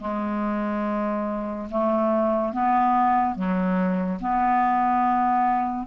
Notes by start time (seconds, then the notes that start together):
0.00 G#3
1.71 A3
2.53 B3
3.35 F#3
4.21 B3